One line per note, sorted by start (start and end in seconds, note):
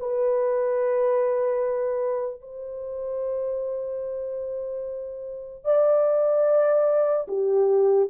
0.00 2.41 B4
2.41 5.65 C5
5.65 7.27 D5
7.28 8.09 G4